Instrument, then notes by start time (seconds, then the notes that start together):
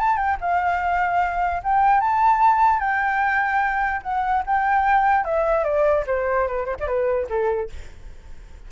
flute
0.00 A5
0.17 G5
0.41 F5
1.64 G5
2.01 A5
2.80 G5
4.03 F#5
4.46 G5
5.25 E5
5.64 D5
6.07 C5
6.48 B4
6.66 C5
6.80 D5
6.88 B4
7.30 A4